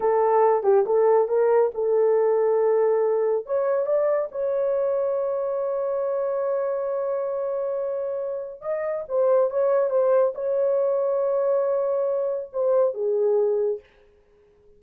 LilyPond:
\new Staff \with { instrumentName = "horn" } { \time 4/4 \tempo 4 = 139 a'4. g'8 a'4 ais'4 | a'1 | cis''4 d''4 cis''2~ | cis''1~ |
cis''1 | dis''4 c''4 cis''4 c''4 | cis''1~ | cis''4 c''4 gis'2 | }